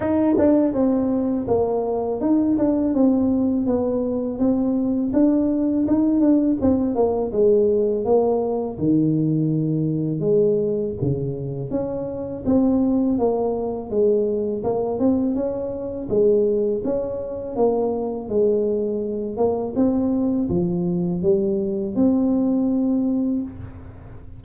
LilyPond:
\new Staff \with { instrumentName = "tuba" } { \time 4/4 \tempo 4 = 82 dis'8 d'8 c'4 ais4 dis'8 d'8 | c'4 b4 c'4 d'4 | dis'8 d'8 c'8 ais8 gis4 ais4 | dis2 gis4 cis4 |
cis'4 c'4 ais4 gis4 | ais8 c'8 cis'4 gis4 cis'4 | ais4 gis4. ais8 c'4 | f4 g4 c'2 | }